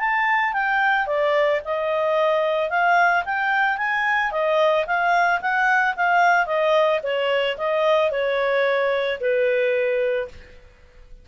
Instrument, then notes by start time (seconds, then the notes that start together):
clarinet
0.00 A5
0.53 G5
1.07 D5
1.65 D#5
2.70 F5
3.25 G5
3.78 G#5
4.32 D#5
4.87 F5
5.41 F#5
5.97 F5
6.46 D#5
7.03 C#5
7.58 D#5
8.11 C#5
9.21 B4